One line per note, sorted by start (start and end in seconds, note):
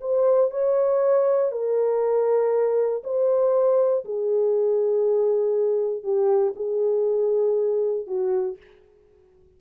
0.00 0.50 C5
0.51 1.51 C#5
1.51 3.03 A#4
3.03 4.04 C5
4.05 6.03 G#4
6.03 6.53 G4
6.55 8.07 G#4
8.07 8.57 F#4